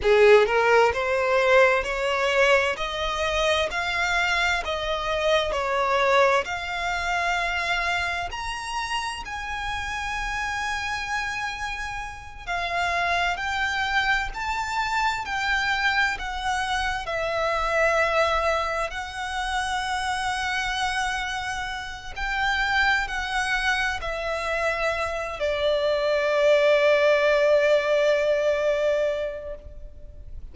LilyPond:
\new Staff \with { instrumentName = "violin" } { \time 4/4 \tempo 4 = 65 gis'8 ais'8 c''4 cis''4 dis''4 | f''4 dis''4 cis''4 f''4~ | f''4 ais''4 gis''2~ | gis''4. f''4 g''4 a''8~ |
a''8 g''4 fis''4 e''4.~ | e''8 fis''2.~ fis''8 | g''4 fis''4 e''4. d''8~ | d''1 | }